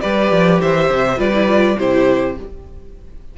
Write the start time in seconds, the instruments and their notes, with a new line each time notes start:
0.00 cello G3, viola G4, violin B4 D5
0.31 cello F3
0.61 cello E3, violin C5 E5
0.90 cello C3
1.17 cello G3, viola F4, violin B4 D5
1.34 viola E4
1.47 viola F4
1.78 cello C3, viola E4, violin G4 C5